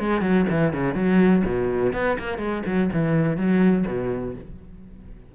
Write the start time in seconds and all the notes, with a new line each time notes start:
0.00 G#3
0.22 F#3
0.50 E3
0.74 C#3
0.95 F#3
1.45 B2
1.94 B3
2.19 A#3
2.38 G#3
2.66 F#3
2.93 E3
3.37 F#3
3.87 B2